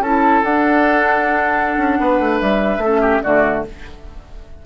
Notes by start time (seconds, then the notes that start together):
0.00 C#4 E4 A4 A5
0.43 D4 F#5
1.77 C#4
2.00 B3 B4
2.19 A3
2.40 G3 E5
2.78 A3
2.85 C#4 A4
3.01 G4
3.23 D3 A3 F#4 D5